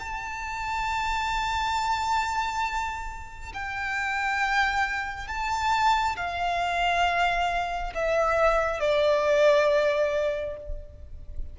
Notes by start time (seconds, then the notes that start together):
0.00 A5
3.54 G5
5.28 A5
6.17 F5
7.95 E5
8.80 D5